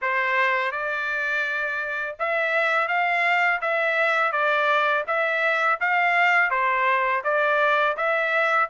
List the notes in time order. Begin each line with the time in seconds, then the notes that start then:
0.01 C5
0.71 D5
2.19 E5
2.88 F5
3.61 E5
4.31 D5
5.07 E5
5.80 F5
6.50 C5
7.24 D5
7.96 E5